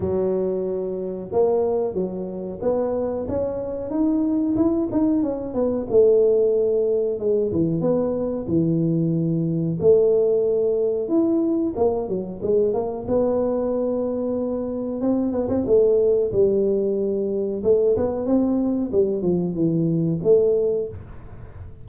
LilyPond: \new Staff \with { instrumentName = "tuba" } { \time 4/4 \tempo 4 = 92 fis2 ais4 fis4 | b4 cis'4 dis'4 e'8 dis'8 | cis'8 b8 a2 gis8 e8 | b4 e2 a4~ |
a4 e'4 ais8 fis8 gis8 ais8 | b2. c'8 b16 c'16 | a4 g2 a8 b8 | c'4 g8 f8 e4 a4 | }